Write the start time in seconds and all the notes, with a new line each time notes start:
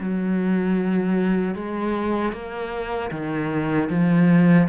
0.00 F#3
1.55 G#3
2.33 A#3
3.11 D#3
3.90 F3